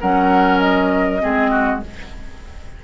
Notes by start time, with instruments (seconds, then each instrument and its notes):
0.00 bassoon F#3, clarinet C#4, oboe A#4, flute F#5
0.59 flute D#5
1.20 bassoon G#3, clarinet C4, oboe G#4
1.50 oboe F#4